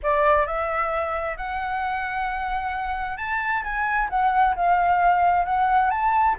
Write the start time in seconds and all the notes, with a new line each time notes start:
0.02 D5
0.46 E5
1.37 F#5
3.17 A5
3.63 G#5
4.09 F#5
4.55 F5
5.45 F#5
5.90 A5